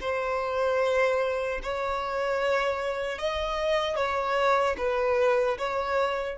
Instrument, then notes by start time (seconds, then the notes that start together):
violin
0.00 C5
1.63 C#5
3.18 D#5
3.96 C#5
4.77 B4
5.58 C#5